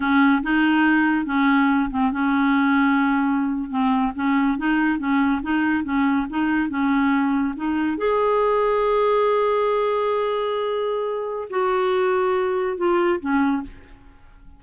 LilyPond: \new Staff \with { instrumentName = "clarinet" } { \time 4/4 \tempo 4 = 141 cis'4 dis'2 cis'4~ | cis'8 c'8 cis'2.~ | cis'8. c'4 cis'4 dis'4 cis'16~ | cis'8. dis'4 cis'4 dis'4 cis'16~ |
cis'4.~ cis'16 dis'4 gis'4~ gis'16~ | gis'1~ | gis'2. fis'4~ | fis'2 f'4 cis'4 | }